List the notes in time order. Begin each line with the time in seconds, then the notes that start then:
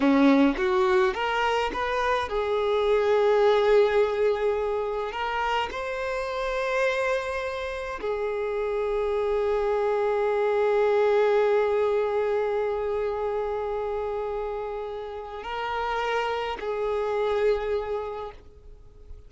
0.00 C#4
0.57 F#4
1.14 A#4
1.73 B4
2.28 G#4
5.12 A#4
5.71 C5
8.00 G#4
15.43 A#4
16.60 G#4